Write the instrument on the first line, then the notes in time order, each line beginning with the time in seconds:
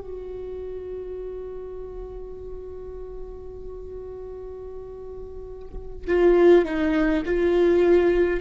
viola
0.00 F#4
6.07 F4
6.65 D#4
7.25 F4